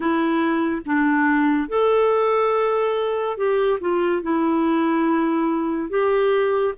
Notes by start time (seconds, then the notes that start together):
0.00 E4
0.85 D4
1.68 A4
3.36 G4
3.80 F4
4.22 E4
5.89 G4